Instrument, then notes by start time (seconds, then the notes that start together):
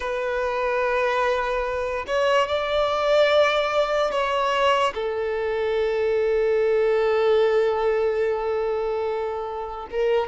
violin
0.00 B4
2.07 C#5
2.47 D5
4.11 C#5
4.94 A4
9.90 A#4